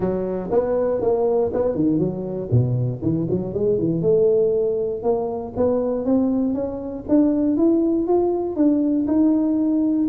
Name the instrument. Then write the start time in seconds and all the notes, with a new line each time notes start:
tuba
0.00 F#3
0.51 B3
1.01 A#3
1.53 B3
1.75 D#3
1.98 F#3
2.51 B2
3.02 E3
3.30 F#3
3.53 G#3
3.78 E3
4.01 A3
5.02 A#3
5.56 B3
6.05 C4
6.54 C#4
7.08 D4
7.56 E4
8.07 F4
8.56 D4
9.07 D#4